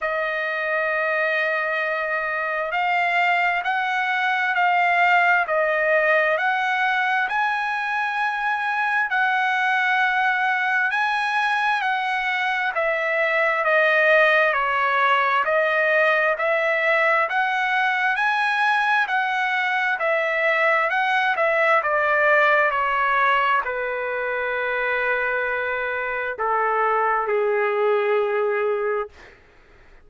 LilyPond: \new Staff \with { instrumentName = "trumpet" } { \time 4/4 \tempo 4 = 66 dis''2. f''4 | fis''4 f''4 dis''4 fis''4 | gis''2 fis''2 | gis''4 fis''4 e''4 dis''4 |
cis''4 dis''4 e''4 fis''4 | gis''4 fis''4 e''4 fis''8 e''8 | d''4 cis''4 b'2~ | b'4 a'4 gis'2 | }